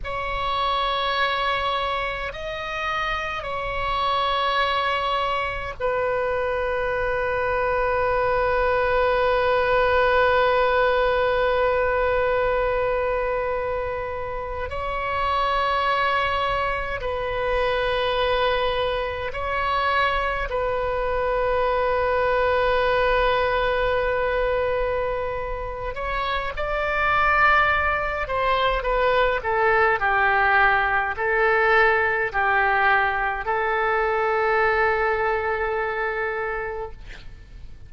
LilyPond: \new Staff \with { instrumentName = "oboe" } { \time 4/4 \tempo 4 = 52 cis''2 dis''4 cis''4~ | cis''4 b'2.~ | b'1~ | b'8. cis''2 b'4~ b'16~ |
b'8. cis''4 b'2~ b'16~ | b'2~ b'8 cis''8 d''4~ | d''8 c''8 b'8 a'8 g'4 a'4 | g'4 a'2. | }